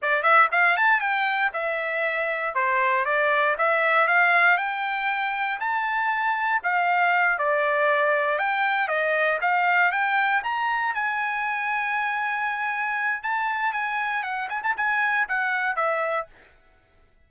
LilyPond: \new Staff \with { instrumentName = "trumpet" } { \time 4/4 \tempo 4 = 118 d''8 e''8 f''8 a''8 g''4 e''4~ | e''4 c''4 d''4 e''4 | f''4 g''2 a''4~ | a''4 f''4. d''4.~ |
d''8 g''4 dis''4 f''4 g''8~ | g''8 ais''4 gis''2~ gis''8~ | gis''2 a''4 gis''4 | fis''8 gis''16 a''16 gis''4 fis''4 e''4 | }